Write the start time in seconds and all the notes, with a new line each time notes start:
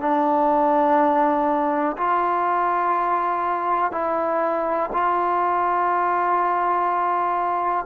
0.00 D4
1.98 F4
3.92 E4
4.93 F4